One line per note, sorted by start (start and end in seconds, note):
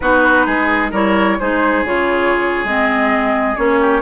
0.00 0.46 B3
0.00 0.93 D#4
0.00 0.46 F#4
0.00 0.90 B4
0.46 0.92 G#3
0.46 0.91 G#4
0.91 1.38 G3
0.91 1.39 E4
0.91 1.37 A#4
0.91 1.39 C#5
1.39 1.84 G#3
1.39 1.85 D#4
1.39 3.80 G#4
1.39 1.85 C5
1.84 2.64 C#3
1.84 2.66 F4
1.84 2.65 C#5
2.64 3.56 G#3
2.64 3.56 C4
2.64 3.56 D#5
3.56 4.01 A#3
3.56 4.01 C#4
3.56 4.01 C#5
3.80 4.01 G4